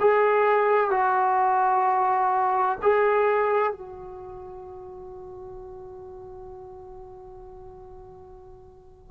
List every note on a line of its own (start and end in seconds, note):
0.00 0.90 G#4
0.90 2.78 F#4
2.82 3.72 G#4
3.72 9.11 F#4